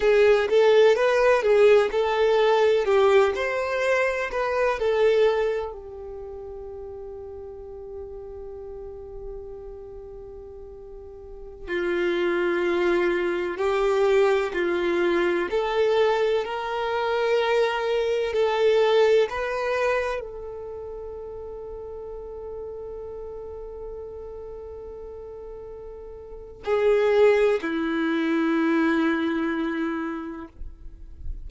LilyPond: \new Staff \with { instrumentName = "violin" } { \time 4/4 \tempo 4 = 63 gis'8 a'8 b'8 gis'8 a'4 g'8 c''8~ | c''8 b'8 a'4 g'2~ | g'1~ | g'16 f'2 g'4 f'8.~ |
f'16 a'4 ais'2 a'8.~ | a'16 b'4 a'2~ a'8.~ | a'1 | gis'4 e'2. | }